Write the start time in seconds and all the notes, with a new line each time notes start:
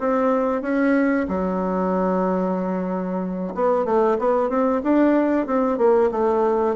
0.00 C4
0.62 C#4
1.28 F#3
3.55 B3
3.85 A3
4.19 B3
4.49 C4
4.83 D4
5.47 C4
5.78 A#3
6.11 A3